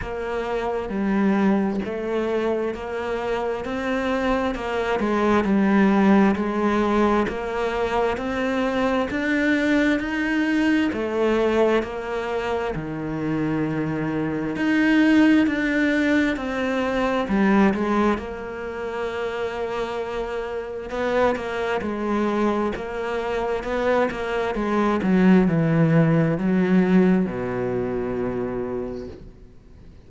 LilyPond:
\new Staff \with { instrumentName = "cello" } { \time 4/4 \tempo 4 = 66 ais4 g4 a4 ais4 | c'4 ais8 gis8 g4 gis4 | ais4 c'4 d'4 dis'4 | a4 ais4 dis2 |
dis'4 d'4 c'4 g8 gis8 | ais2. b8 ais8 | gis4 ais4 b8 ais8 gis8 fis8 | e4 fis4 b,2 | }